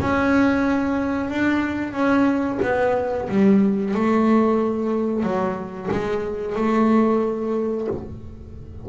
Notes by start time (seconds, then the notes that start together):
0.00 C#4
1.29 D4
1.92 C#4
2.62 B3
3.28 G3
3.94 A3
5.23 F#3
5.91 G#3
6.55 A3